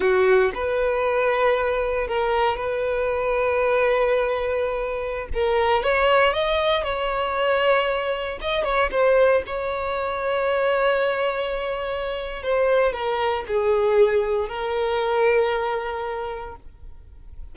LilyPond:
\new Staff \with { instrumentName = "violin" } { \time 4/4 \tempo 4 = 116 fis'4 b'2. | ais'4 b'2.~ | b'2~ b'16 ais'4 cis''8.~ | cis''16 dis''4 cis''2~ cis''8.~ |
cis''16 dis''8 cis''8 c''4 cis''4.~ cis''16~ | cis''1 | c''4 ais'4 gis'2 | ais'1 | }